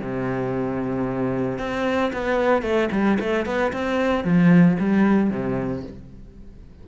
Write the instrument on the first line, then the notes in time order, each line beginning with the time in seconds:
cello
0.00 C3
1.58 C4
2.13 B3
2.62 A3
2.91 G3
3.19 A3
3.45 B3
3.72 C4
4.24 F3
4.79 G3
5.30 C3